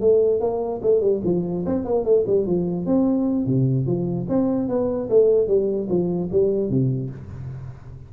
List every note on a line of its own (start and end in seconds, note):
0.00 0.40 A3
0.40 0.81 A#3
0.82 1.00 A3
1.00 1.21 G3
1.24 1.65 F3
1.66 1.85 C4
1.85 2.04 A#3
2.04 2.25 A3
2.27 2.46 G3
2.46 2.86 F3
2.86 3.46 C4
3.46 3.86 C3
3.86 4.27 F3
4.28 4.68 C4
4.68 5.09 B3
5.09 5.47 A3
5.47 5.88 G3
5.89 6.29 F3
6.32 6.69 G3
6.69 7.10 C3